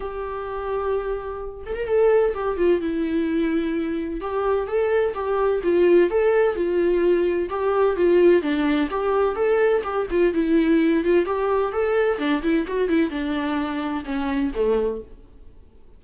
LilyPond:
\new Staff \with { instrumentName = "viola" } { \time 4/4 \tempo 4 = 128 g'2.~ g'8 a'16 ais'16 | a'4 g'8 f'8 e'2~ | e'4 g'4 a'4 g'4 | f'4 a'4 f'2 |
g'4 f'4 d'4 g'4 | a'4 g'8 f'8 e'4. f'8 | g'4 a'4 d'8 e'8 fis'8 e'8 | d'2 cis'4 a4 | }